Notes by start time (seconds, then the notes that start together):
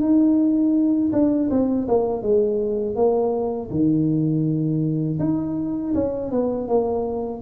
0.00 D#4
1.12 D4
1.50 C4
1.88 A#3
2.22 G#3
2.96 A#3
3.71 D#3
5.20 D#4
5.95 C#4
6.31 B3
6.68 A#3